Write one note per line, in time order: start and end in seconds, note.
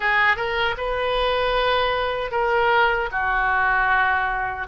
0.00 0.36 G#4
0.36 0.75 A#4
0.77 2.31 B4
2.31 3.09 A#4
3.11 4.67 F#4